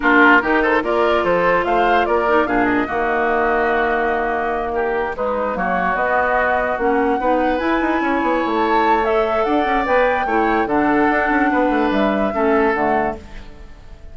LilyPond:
<<
  \new Staff \with { instrumentName = "flute" } { \time 4/4 \tempo 4 = 146 ais'4. c''8 d''4 c''4 | f''4 d''4 f''8 dis''4.~ | dis''2.~ dis''8 ais'8~ | ais'8 b'4 cis''4 dis''4.~ |
dis''8 fis''2 gis''4.~ | gis''8. a''4~ a''16 e''4 fis''4 | g''2 fis''2~ | fis''4 e''2 fis''4 | }
  \new Staff \with { instrumentName = "oboe" } { \time 4/4 f'4 g'8 a'8 ais'4 a'4 | c''4 ais'4 gis'4 fis'4~ | fis'2.~ fis'8 g'8~ | g'8 dis'4 fis'2~ fis'8~ |
fis'4. b'2 cis''8~ | cis''2. d''4~ | d''4 cis''4 a'2 | b'2 a'2 | }
  \new Staff \with { instrumentName = "clarinet" } { \time 4/4 d'4 dis'4 f'2~ | f'4. dis'8 d'4 ais4~ | ais1~ | ais8 gis4 ais4 b4.~ |
b8 cis'4 dis'4 e'4.~ | e'2 a'2 | b'4 e'4 d'2~ | d'2 cis'4 a4 | }
  \new Staff \with { instrumentName = "bassoon" } { \time 4/4 ais4 dis4 ais4 f4 | a4 ais4 ais,4 dis4~ | dis1~ | dis8 gis4 fis4 b4.~ |
b8 ais4 b4 e'8 dis'8 cis'8 | b8 a2~ a8 d'8 cis'8 | b4 a4 d4 d'8 cis'8 | b8 a8 g4 a4 d4 | }
>>